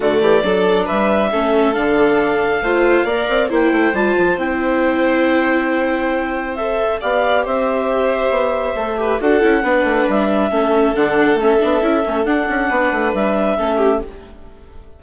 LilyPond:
<<
  \new Staff \with { instrumentName = "clarinet" } { \time 4/4 \tempo 4 = 137 d''2 e''2 | f''1 | g''4 a''4 g''2~ | g''2. e''4 |
f''4 e''2.~ | e''4 fis''2 e''4~ | e''4 fis''4 e''2 | fis''2 e''2 | }
  \new Staff \with { instrumentName = "violin" } { \time 4/4 fis'8 g'8 a'4 b'4 a'4~ | a'2 c''4 d''4 | c''1~ | c''1 |
d''4 c''2.~ | c''8 b'8 a'4 b'2 | a'1~ | a'4 b'2 a'8 g'8 | }
  \new Staff \with { instrumentName = "viola" } { \time 4/4 a4 d'2 cis'4 | d'2 f'4 ais'4 | e'4 f'4 e'2~ | e'2. a'4 |
g'1 | a'8 g'8 fis'8 e'8 d'2 | cis'4 d'4 cis'8 d'8 e'8 cis'8 | d'2. cis'4 | }
  \new Staff \with { instrumentName = "bassoon" } { \time 4/4 d8 e8 fis4 g4 a4 | d2 a4 ais8 c'8 | ais8 a8 g8 f8 c'2~ | c'1 |
b4 c'2 b4 | a4 d'8 cis'8 b8 a8 g4 | a4 d4 a8 b8 cis'8 a8 | d'8 cis'8 b8 a8 g4 a4 | }
>>